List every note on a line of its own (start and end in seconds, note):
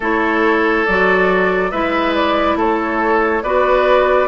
0.00 0.85 A3
0.00 0.87 E4
0.00 1.71 A4
0.00 0.85 C#5
0.85 1.72 F#3
0.85 1.71 F#4
0.85 1.70 D5
1.70 2.55 G#3
1.70 3.43 E4
1.70 2.57 B4
1.70 2.13 E5
2.14 2.57 D5
2.55 3.41 A3
2.55 3.43 A4
2.55 3.43 C#5
3.43 4.27 B3
3.43 4.27 F#4
3.43 4.27 B4
3.43 4.27 D5